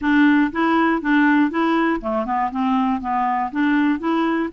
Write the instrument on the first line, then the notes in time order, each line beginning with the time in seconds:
clarinet
0.01 D4
0.52 E4
1.01 D4
1.50 E4
2.00 A3
2.25 B3
2.51 C4
3.00 B3
3.51 D4
3.99 E4